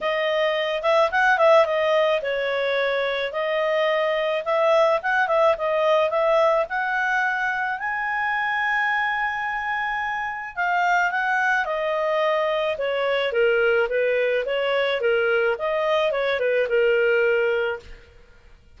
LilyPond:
\new Staff \with { instrumentName = "clarinet" } { \time 4/4 \tempo 4 = 108 dis''4. e''8 fis''8 e''8 dis''4 | cis''2 dis''2 | e''4 fis''8 e''8 dis''4 e''4 | fis''2 gis''2~ |
gis''2. f''4 | fis''4 dis''2 cis''4 | ais'4 b'4 cis''4 ais'4 | dis''4 cis''8 b'8 ais'2 | }